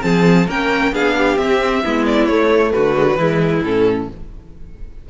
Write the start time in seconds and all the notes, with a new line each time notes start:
0.00 F3 C4 G#4 A5
0.47 A#3 C#4 A#4 G5
0.92 B3 D4 G#4 F5
1.18 G4
1.37 C4 E5
1.84 G#3 B3 E4
2.06 D5
2.26 A3 C#5
2.72 D3 F#4 B4
2.96 G#3
3.05 F#3
3.16 E3 G#3 E4
3.63 A2 C#4 A4